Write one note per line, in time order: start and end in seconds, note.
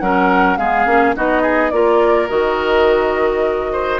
0.00 0.58 F#3
0.00 0.58 C#4
0.00 0.58 A#4
0.00 0.57 F#5
0.57 0.86 G#3
0.57 0.87 B3
0.57 1.16 G#4
0.57 1.14 F5
0.86 1.15 A#3
0.86 1.15 C#4
1.15 1.72 B3
1.15 1.72 D#4
1.15 1.42 F#4
1.15 1.70 D#5
1.42 1.71 G#4
1.70 2.29 A#3
1.70 2.29 F4
1.70 3.73 A#4
1.70 2.28 D5
2.29 4.00 D#3
2.29 4.00 F#4
2.29 4.00 D#5
3.73 4.00 C5